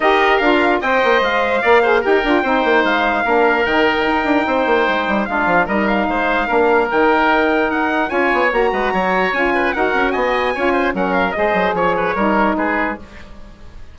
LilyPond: <<
  \new Staff \with { instrumentName = "trumpet" } { \time 4/4 \tempo 4 = 148 dis''4 f''4 g''4 f''4~ | f''4 g''2 f''4~ | f''4 g''2.~ | g''4 f''4 dis''8 f''4.~ |
f''4 g''2 fis''4 | gis''4 ais''2 gis''4 | fis''4 gis''2 fis''8 f''8 | dis''4 cis''2 b'4 | }
  \new Staff \with { instrumentName = "oboe" } { \time 4/4 ais'2 dis''2 | d''8 c''8 ais'4 c''2 | ais'2. c''4~ | c''4 f'4 ais'4 c''4 |
ais'1 | cis''4. b'8 cis''4. b'8 | ais'4 dis''4 cis''8 c''8 ais'4 | c''4 cis''8 b'8 ais'4 gis'4 | }
  \new Staff \with { instrumentName = "saxophone" } { \time 4/4 g'4 f'4 c''2 | ais'8 gis'8 g'8 f'8 dis'2 | d'4 dis'2.~ | dis'4 d'4 dis'2 |
d'4 dis'2. | f'4 fis'2 f'4 | fis'2 f'4 cis'4 | gis'2 dis'2 | }
  \new Staff \with { instrumentName = "bassoon" } { \time 4/4 dis'4 d'4 c'8 ais8 gis4 | ais4 dis'8 d'8 c'8 ais8 gis4 | ais4 dis4 dis'8 d'8 c'8 ais8 | gis8 g8 gis8 f8 g4 gis4 |
ais4 dis2 dis'4 | cis'8 b8 ais8 gis8 fis4 cis'4 | dis'8 cis'8 b4 cis'4 fis4 | gis8 fis8 f4 g4 gis4 | }
>>